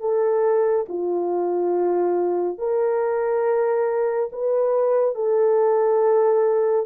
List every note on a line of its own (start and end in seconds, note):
0.00 0.86 A4
0.89 2.58 F4
2.58 4.30 A#4
4.32 5.15 B4
5.15 6.86 A4